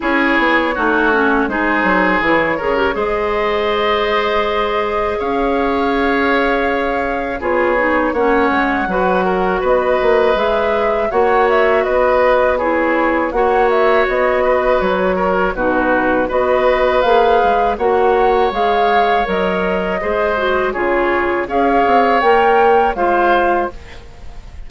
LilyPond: <<
  \new Staff \with { instrumentName = "flute" } { \time 4/4 \tempo 4 = 81 cis''2 c''4 cis''4 | dis''2. f''4~ | f''2 cis''4 fis''4~ | fis''4 dis''4 e''4 fis''8 e''8 |
dis''4 cis''4 fis''8 e''8 dis''4 | cis''4 b'4 dis''4 f''4 | fis''4 f''4 dis''2 | cis''4 f''4 g''4 f''4 | }
  \new Staff \with { instrumentName = "oboe" } { \time 4/4 gis'4 fis'4 gis'4. ais'8 | c''2. cis''4~ | cis''2 gis'4 cis''4 | b'8 ais'8 b'2 cis''4 |
b'4 gis'4 cis''4. b'8~ | b'8 ais'8 fis'4 b'2 | cis''2. c''4 | gis'4 cis''2 c''4 | }
  \new Staff \with { instrumentName = "clarinet" } { \time 4/4 e'4 dis'8 cis'8 dis'4 e'8 gis'16 g'16 | gis'1~ | gis'2 f'8 dis'8 cis'4 | fis'2 gis'4 fis'4~ |
fis'4 e'4 fis'2~ | fis'4 dis'4 fis'4 gis'4 | fis'4 gis'4 ais'4 gis'8 fis'8 | f'4 gis'4 ais'4 f'4 | }
  \new Staff \with { instrumentName = "bassoon" } { \time 4/4 cis'8 b8 a4 gis8 fis8 e8 cis8 | gis2. cis'4~ | cis'2 b4 ais8 gis8 | fis4 b8 ais8 gis4 ais4 |
b2 ais4 b4 | fis4 b,4 b4 ais8 gis8 | ais4 gis4 fis4 gis4 | cis4 cis'8 c'8 ais4 gis4 | }
>>